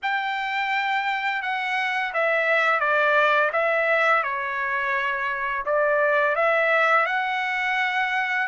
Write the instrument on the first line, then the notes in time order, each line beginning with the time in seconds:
trumpet
0.02 G5
1.42 F#5
2.13 E5
2.79 D5
3.52 E5
4.23 C#5
5.65 D5
6.35 E5
7.06 F#5